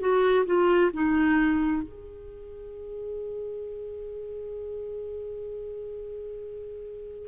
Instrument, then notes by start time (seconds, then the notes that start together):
clarinet
0.00 F#4
0.46 F4
0.94 D#4
1.83 G#4